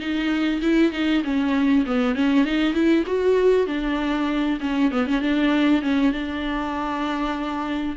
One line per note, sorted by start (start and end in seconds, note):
0.00 0.61 D#4
0.62 0.92 E4
0.92 1.23 D#4
1.24 1.86 C#4
1.86 2.16 B3
2.16 2.45 C#4
2.45 2.74 D#4
2.74 3.04 E4
3.07 3.67 F#4
3.67 4.59 D4
4.61 4.91 C#4
4.92 5.07 B3
5.07 5.22 C#4
5.22 5.82 D4
5.82 6.13 C#4
6.13 7.96 D4